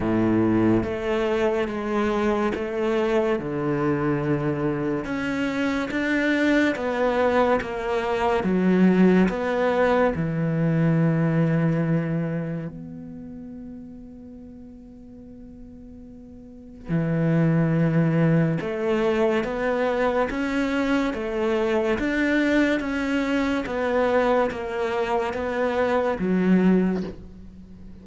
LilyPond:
\new Staff \with { instrumentName = "cello" } { \time 4/4 \tempo 4 = 71 a,4 a4 gis4 a4 | d2 cis'4 d'4 | b4 ais4 fis4 b4 | e2. b4~ |
b1 | e2 a4 b4 | cis'4 a4 d'4 cis'4 | b4 ais4 b4 fis4 | }